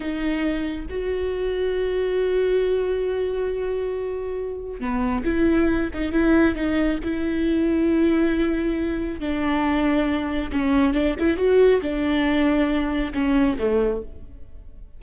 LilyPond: \new Staff \with { instrumentName = "viola" } { \time 4/4 \tempo 4 = 137 dis'2 fis'2~ | fis'1~ | fis'2. b4 | e'4. dis'8 e'4 dis'4 |
e'1~ | e'4 d'2. | cis'4 d'8 e'8 fis'4 d'4~ | d'2 cis'4 a4 | }